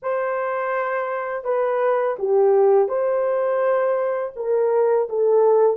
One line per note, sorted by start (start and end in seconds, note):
0.02 1.44 C5
1.44 2.16 B4
2.19 2.88 G4
2.88 4.32 C5
4.36 5.08 A#4
5.09 5.76 A4